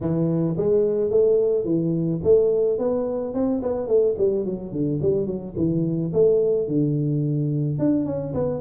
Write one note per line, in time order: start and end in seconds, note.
0.00 0.56 E3
0.57 1.10 G#3
1.10 1.64 A3
1.64 2.20 E3
2.23 2.78 A3
2.78 3.34 B3
3.34 3.61 C4
3.62 3.87 B3
3.87 4.15 A3
4.18 4.45 G3
4.45 4.72 F#3
4.72 4.99 D3
5.02 5.26 G3
5.26 5.54 F#3
5.56 6.12 E3
6.13 6.67 A3
6.67 7.78 D3
7.78 8.05 D4
8.05 8.33 C#4
8.34 8.61 B3